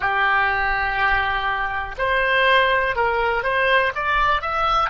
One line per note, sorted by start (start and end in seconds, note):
0.00 1.95 G4
1.98 2.95 C5
2.95 3.42 A#4
3.42 3.92 C5
3.95 4.41 D5
4.41 4.90 E5